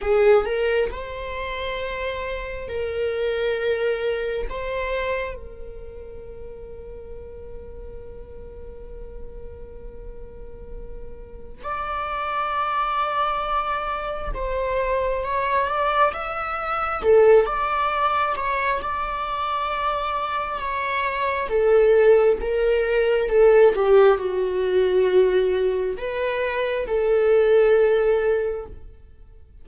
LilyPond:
\new Staff \with { instrumentName = "viola" } { \time 4/4 \tempo 4 = 67 gis'8 ais'8 c''2 ais'4~ | ais'4 c''4 ais'2~ | ais'1~ | ais'4 d''2. |
c''4 cis''8 d''8 e''4 a'8 d''8~ | d''8 cis''8 d''2 cis''4 | a'4 ais'4 a'8 g'8 fis'4~ | fis'4 b'4 a'2 | }